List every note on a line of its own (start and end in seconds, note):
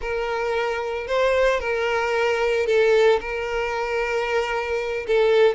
0.01 1.07 A#4
1.07 1.60 C5
1.60 2.66 A#4
2.66 3.19 A4
3.20 5.06 A#4
5.07 5.54 A4